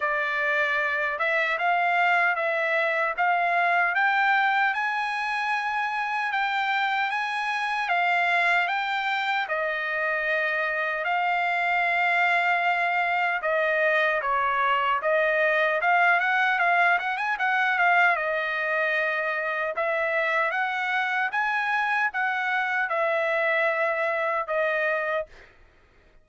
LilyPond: \new Staff \with { instrumentName = "trumpet" } { \time 4/4 \tempo 4 = 76 d''4. e''8 f''4 e''4 | f''4 g''4 gis''2 | g''4 gis''4 f''4 g''4 | dis''2 f''2~ |
f''4 dis''4 cis''4 dis''4 | f''8 fis''8 f''8 fis''16 gis''16 fis''8 f''8 dis''4~ | dis''4 e''4 fis''4 gis''4 | fis''4 e''2 dis''4 | }